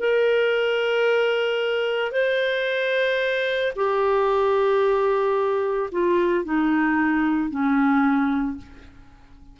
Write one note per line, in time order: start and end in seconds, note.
0.00 2.12 A#4
2.12 3.73 C5
3.76 5.90 G4
5.92 6.45 F4
6.45 7.50 D#4
7.50 8.58 C#4